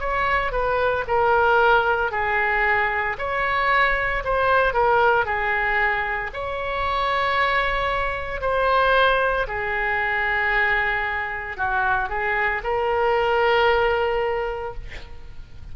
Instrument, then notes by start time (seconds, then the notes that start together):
oboe
0.00 C#5
0.52 B4
1.08 A#4
2.11 G#4
3.18 C#5
4.24 C5
4.73 A#4
5.25 G#4
6.33 C#5
8.41 C5
9.47 G#4
11.57 F#4
12.09 G#4
12.63 A#4